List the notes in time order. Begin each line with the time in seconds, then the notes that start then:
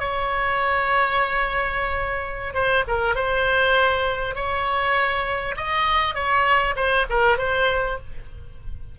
0.00 C#5
2.55 C5
2.88 A#4
3.16 C5
4.36 C#5
5.57 D#5
6.15 C#5
6.77 C5
7.10 A#4
7.39 C5